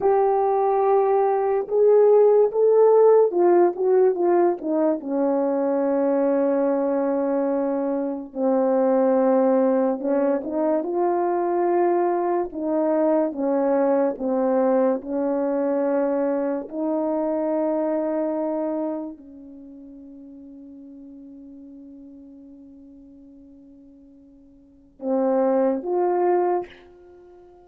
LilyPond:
\new Staff \with { instrumentName = "horn" } { \time 4/4 \tempo 4 = 72 g'2 gis'4 a'4 | f'8 fis'8 f'8 dis'8 cis'2~ | cis'2 c'2 | cis'8 dis'8 f'2 dis'4 |
cis'4 c'4 cis'2 | dis'2. cis'4~ | cis'1~ | cis'2 c'4 f'4 | }